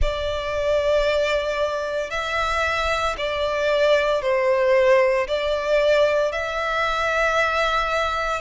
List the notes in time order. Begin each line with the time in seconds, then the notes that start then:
0.01 D5
2.10 E5
3.17 D5
4.22 C5
5.27 D5
6.32 E5